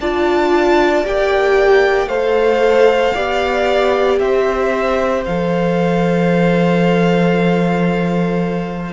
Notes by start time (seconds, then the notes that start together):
0.00 D4 F4 D5 A5
1.04 A#3 G4 G5
2.06 A3 A4 C5 F5
3.14 B3 G4 D5
4.19 C4 C5 E5
5.25 F3 A4 F5